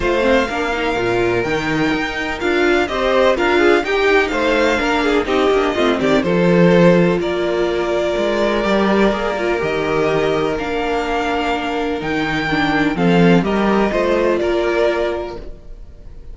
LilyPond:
<<
  \new Staff \with { instrumentName = "violin" } { \time 4/4 \tempo 4 = 125 f''2. g''4~ | g''4 f''4 dis''4 f''4 | g''4 f''2 dis''4~ | dis''8 d''8 c''2 d''4~ |
d''1 | dis''2 f''2~ | f''4 g''2 f''4 | dis''2 d''2 | }
  \new Staff \with { instrumentName = "violin" } { \time 4/4 c''4 ais'2.~ | ais'2 c''4 ais'8 gis'8 | g'4 c''4 ais'8 gis'8 g'4 | f'8 g'8 a'2 ais'4~ |
ais'1~ | ais'1~ | ais'2. a'4 | ais'4 c''4 ais'2 | }
  \new Staff \with { instrumentName = "viola" } { \time 4/4 f'8 c'8 d'8 dis'8 f'4 dis'4~ | dis'4 f'4 g'4 f'4 | dis'2 d'4 dis'8 d'8 | c'4 f'2.~ |
f'2 g'4 gis'8 f'8 | g'2 d'2~ | d'4 dis'4 d'4 c'4 | g'4 f'2. | }
  \new Staff \with { instrumentName = "cello" } { \time 4/4 a4 ais4 ais,4 dis4 | dis'4 d'4 c'4 d'4 | dis'4 a4 ais4 c'8 ais8 | a8 dis8 f2 ais4~ |
ais4 gis4 g4 ais4 | dis2 ais2~ | ais4 dis2 f4 | g4 a4 ais2 | }
>>